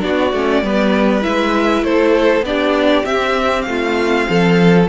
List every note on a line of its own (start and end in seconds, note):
0.00 0.33 B3
0.00 0.30 D4
0.00 0.64 F#4
0.00 1.23 D5
0.33 0.62 A3
0.33 0.64 C#4
0.62 1.23 G3
0.62 1.22 B3
0.62 1.85 B4
1.22 1.83 G#3
1.22 2.43 E4
1.22 1.84 E5
1.83 2.42 A3
1.83 2.46 A4
1.83 2.45 C5
2.42 3.02 B3
2.42 3.04 D4
2.42 3.06 D5
2.48 3.69 G4
3.04 4.85 C4
3.04 3.66 C4
3.04 3.62 E5
3.62 4.28 A3
3.62 4.83 F5
3.70 4.30 F4
4.30 4.89 F3
4.30 4.89 A4